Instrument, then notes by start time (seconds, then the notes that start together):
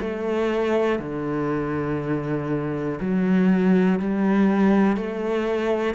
cello
0.00 A3
0.99 D3
3.00 F#3
3.99 G3
4.96 A3